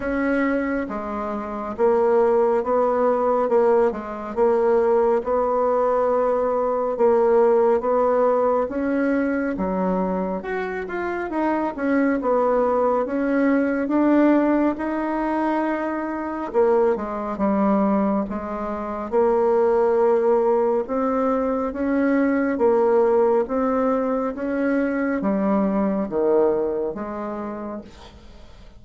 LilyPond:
\new Staff \with { instrumentName = "bassoon" } { \time 4/4 \tempo 4 = 69 cis'4 gis4 ais4 b4 | ais8 gis8 ais4 b2 | ais4 b4 cis'4 fis4 | fis'8 f'8 dis'8 cis'8 b4 cis'4 |
d'4 dis'2 ais8 gis8 | g4 gis4 ais2 | c'4 cis'4 ais4 c'4 | cis'4 g4 dis4 gis4 | }